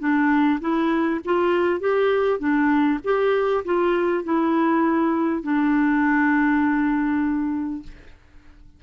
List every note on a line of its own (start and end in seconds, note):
0.00 0.60 D4
0.61 1.21 E4
1.25 1.80 F4
1.80 2.39 G4
2.39 2.99 D4
3.04 3.64 G4
3.65 4.24 F4
4.24 5.43 E4
5.43 7.83 D4